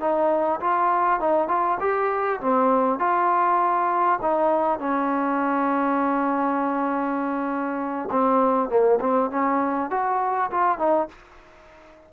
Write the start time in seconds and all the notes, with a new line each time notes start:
0.00 D#4
0.60 F4
1.20 D#4
1.48 F4
1.80 G4
2.40 C4
2.99 F4
4.22 D#4
4.79 C#4
8.11 C4
8.69 A#3
9.00 C4
9.30 C#4
9.90 F#4
10.51 F4
10.78 D#4